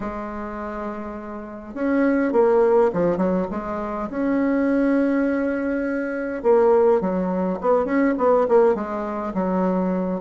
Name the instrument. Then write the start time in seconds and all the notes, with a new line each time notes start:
bassoon
0.00 G#3
1.74 C#4
2.32 A#3
2.93 F3
3.17 F#3
3.50 G#3
4.10 C#4
6.43 A#3
7.00 F#3
7.60 B3
7.85 C#4
8.17 B3
8.48 A#3
8.75 G#3
9.34 F#3